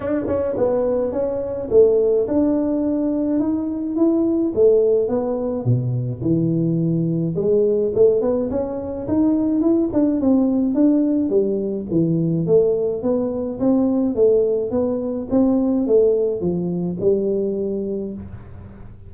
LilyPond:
\new Staff \with { instrumentName = "tuba" } { \time 4/4 \tempo 4 = 106 d'8 cis'8 b4 cis'4 a4 | d'2 dis'4 e'4 | a4 b4 b,4 e4~ | e4 gis4 a8 b8 cis'4 |
dis'4 e'8 d'8 c'4 d'4 | g4 e4 a4 b4 | c'4 a4 b4 c'4 | a4 f4 g2 | }